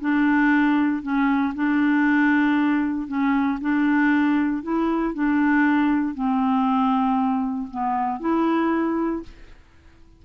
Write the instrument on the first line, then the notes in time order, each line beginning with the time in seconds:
clarinet
0.00 D4
1.02 C#4
1.54 D4
3.07 C#4
3.60 D4
4.62 E4
5.14 D4
6.14 C4
7.70 B3
8.20 E4